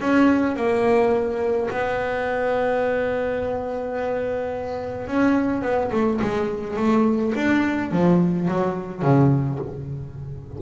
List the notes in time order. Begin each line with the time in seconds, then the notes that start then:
0.00 C#4
0.56 A#3
1.70 B3
5.07 C#4
5.62 B3
5.92 A3
6.21 G#3
6.76 A3
7.35 D4
7.91 F3
8.48 F#3
9.02 C#3